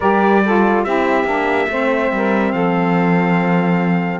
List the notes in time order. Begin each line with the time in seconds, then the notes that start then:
0.00 G3 G4 A#4 D5
0.45 F4 A4
0.83 C4 E4 G4 E5
1.24 A#3 D4
1.68 A3 C4 C5
2.11 G3 A#4
2.52 F3 A4 F5